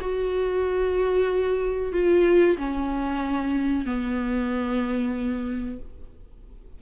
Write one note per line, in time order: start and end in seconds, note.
0.00 1.92 F#4
1.92 2.57 F4
2.57 3.85 C#4
3.85 5.79 B3